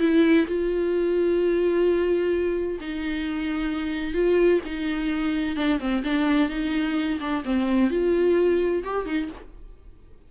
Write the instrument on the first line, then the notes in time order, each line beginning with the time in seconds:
viola
0.00 E4
0.47 F4
2.80 D#4
4.14 F4
4.66 D#4
5.56 D4
5.80 C4
6.04 D4
6.49 D#4
7.21 D4
7.45 C4
7.90 F4
8.84 G4
9.06 D#4